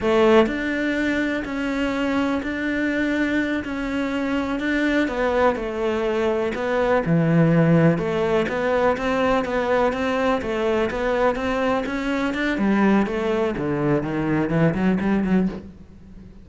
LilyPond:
\new Staff \with { instrumentName = "cello" } { \time 4/4 \tempo 4 = 124 a4 d'2 cis'4~ | cis'4 d'2~ d'8 cis'8~ | cis'4. d'4 b4 a8~ | a4. b4 e4.~ |
e8 a4 b4 c'4 b8~ | b8 c'4 a4 b4 c'8~ | c'8 cis'4 d'8 g4 a4 | d4 dis4 e8 fis8 g8 fis8 | }